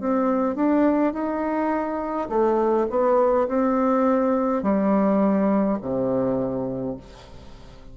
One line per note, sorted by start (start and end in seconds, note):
0.00 0.56 C4
0.56 1.13 D4
1.13 2.29 D#4
2.29 2.87 A3
2.90 3.48 B3
3.48 4.63 C4
4.63 5.78 G3
5.82 6.97 C3